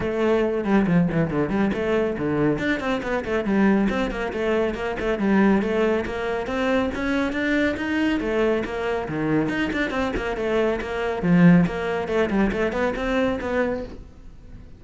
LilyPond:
\new Staff \with { instrumentName = "cello" } { \time 4/4 \tempo 4 = 139 a4. g8 f8 e8 d8 g8 | a4 d4 d'8 c'8 b8 a8 | g4 c'8 ais8 a4 ais8 a8 | g4 a4 ais4 c'4 |
cis'4 d'4 dis'4 a4 | ais4 dis4 dis'8 d'8 c'8 ais8 | a4 ais4 f4 ais4 | a8 g8 a8 b8 c'4 b4 | }